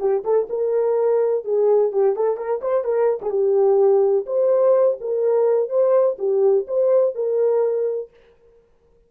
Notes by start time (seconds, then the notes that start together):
0.00 G4
0.24 A4
0.50 A#4
1.45 G#4
1.92 G4
2.16 A4
2.37 A#4
2.62 C5
2.85 A#4
3.22 G#4
3.31 G4
4.27 C5
5.01 A#4
5.70 C5
6.19 G4
6.68 C5
7.16 A#4